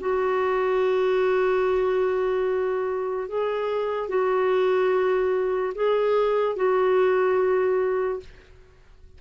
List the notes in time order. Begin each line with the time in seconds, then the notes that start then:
0.00 F#4
3.29 G#4
4.09 F#4
5.75 G#4
6.56 F#4